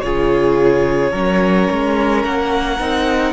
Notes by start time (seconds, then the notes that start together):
0.00 C#3 F4 G#4 C#5
1.11 F#3 C#4 A#4
1.71 G#3
2.24 A#3 F#5
2.80 C4 D#4